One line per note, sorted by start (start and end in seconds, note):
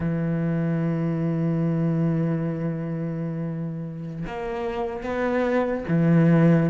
0.00 4.25 E3
4.26 5.03 A#3
5.03 5.84 B3
5.88 6.69 E3